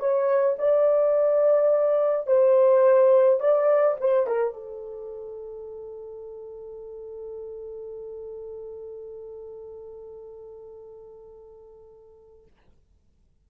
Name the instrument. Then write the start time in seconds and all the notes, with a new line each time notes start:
horn
0.00 C#5
0.59 D5
2.27 C5
3.41 D5
4.01 C5
4.27 A#4
4.54 A4